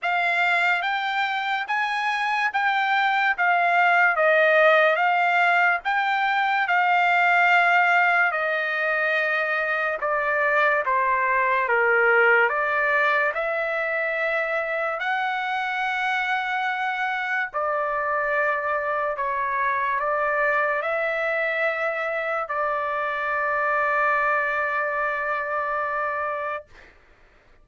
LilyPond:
\new Staff \with { instrumentName = "trumpet" } { \time 4/4 \tempo 4 = 72 f''4 g''4 gis''4 g''4 | f''4 dis''4 f''4 g''4 | f''2 dis''2 | d''4 c''4 ais'4 d''4 |
e''2 fis''2~ | fis''4 d''2 cis''4 | d''4 e''2 d''4~ | d''1 | }